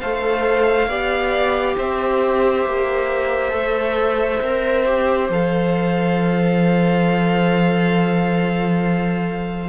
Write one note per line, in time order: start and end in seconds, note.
0.00 0.87 A3
0.00 0.90 A4
0.00 0.88 C5
0.00 1.76 F5
0.87 1.75 B3
0.87 3.50 G4
0.87 1.77 D5
1.77 2.65 C4
1.77 9.68 C5
1.77 5.30 E5
2.65 3.52 A#3
3.50 4.40 A3
3.50 4.38 A4
4.41 5.29 C4
4.41 4.85 A#4
4.85 5.30 G4
5.29 9.68 F3
5.29 9.68 A4
5.29 9.68 F5